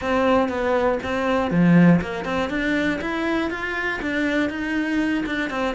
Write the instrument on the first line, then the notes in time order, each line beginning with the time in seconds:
cello
0.01 C4
0.48 B3
1.03 C4
1.50 F3
2.01 A#3
2.25 C4
2.49 D4
3.01 E4
3.50 F4
4.01 D4
4.49 D#4
5.25 D4
5.50 C4